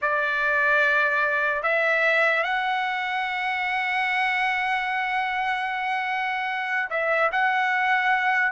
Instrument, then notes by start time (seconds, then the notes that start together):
trumpet
0.01 D5
1.62 E5
2.43 F#5
6.90 E5
7.32 F#5